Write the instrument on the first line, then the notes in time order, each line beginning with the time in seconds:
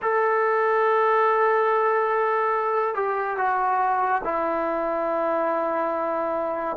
trombone
0.02 A4
2.94 G4
3.37 F#4
4.24 E4